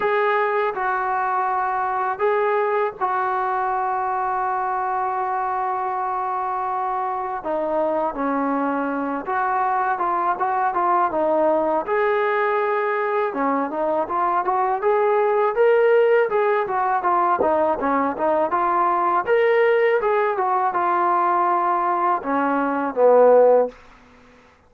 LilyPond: \new Staff \with { instrumentName = "trombone" } { \time 4/4 \tempo 4 = 81 gis'4 fis'2 gis'4 | fis'1~ | fis'2 dis'4 cis'4~ | cis'8 fis'4 f'8 fis'8 f'8 dis'4 |
gis'2 cis'8 dis'8 f'8 fis'8 | gis'4 ais'4 gis'8 fis'8 f'8 dis'8 | cis'8 dis'8 f'4 ais'4 gis'8 fis'8 | f'2 cis'4 b4 | }